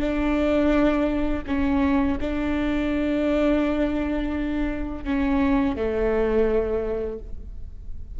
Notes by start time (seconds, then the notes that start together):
0.00 D4
1.47 C#4
2.20 D4
5.04 C#4
5.76 A3